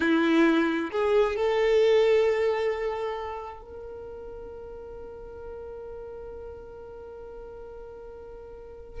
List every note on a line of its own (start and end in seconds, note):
0.00 0.90 E4
0.91 1.36 G#4
1.36 3.61 A4
3.61 9.00 A#4